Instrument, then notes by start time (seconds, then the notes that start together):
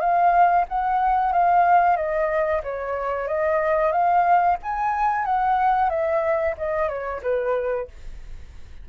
flute
0.00 F5
0.68 F#5
1.33 F5
1.97 D#5
2.64 C#5
3.28 D#5
3.92 F5
4.63 G#5
5.26 F#5
5.90 E5
6.58 D#5
6.89 C#5
7.22 B4